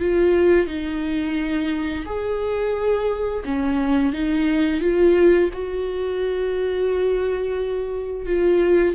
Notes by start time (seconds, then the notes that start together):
0.00 F4
0.67 D#4
2.06 G#4
3.45 C#4
4.13 D#4
4.81 F4
5.54 F#4
8.27 F4